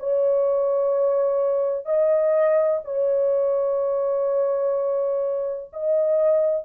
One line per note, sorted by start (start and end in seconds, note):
0.00 1.86 C#5
1.86 2.81 D#5
2.84 5.70 C#5
5.73 6.65 D#5